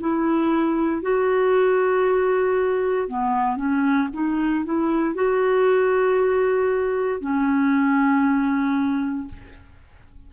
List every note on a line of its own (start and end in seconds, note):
0.00 1.02 E4
1.02 3.08 F#4
3.08 3.56 B3
3.56 4.08 C#4
4.13 4.65 D#4
4.65 5.15 E4
5.15 7.21 F#4
7.21 9.28 C#4